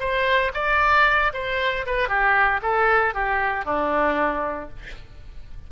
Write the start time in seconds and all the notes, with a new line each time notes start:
0.00 C5
0.54 D5
1.34 C5
1.87 B4
2.09 G4
2.62 A4
3.15 G4
3.65 D4